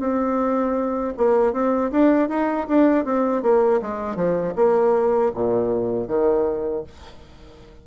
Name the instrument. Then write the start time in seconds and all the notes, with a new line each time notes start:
bassoon
0.00 C4
1.18 A#3
1.54 C4
1.92 D4
2.29 D#4
2.69 D4
3.06 C4
3.43 A#3
3.82 G#3
4.16 F3
4.56 A#3
5.35 A#2
6.08 D#3